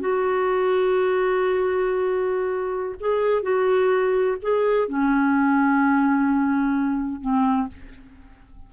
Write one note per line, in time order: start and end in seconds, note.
0.00 2.95 F#4
3.00 3.43 G#4
3.43 4.37 F#4
4.42 4.89 G#4
4.89 7.21 C#4
7.21 7.68 C4